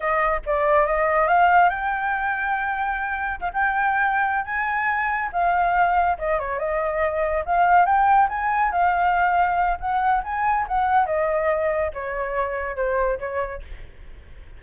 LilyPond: \new Staff \with { instrumentName = "flute" } { \time 4/4 \tempo 4 = 141 dis''4 d''4 dis''4 f''4 | g''1 | f''16 g''2~ g''16 gis''4.~ | gis''8 f''2 dis''8 cis''8 dis''8~ |
dis''4. f''4 g''4 gis''8~ | gis''8 f''2~ f''8 fis''4 | gis''4 fis''4 dis''2 | cis''2 c''4 cis''4 | }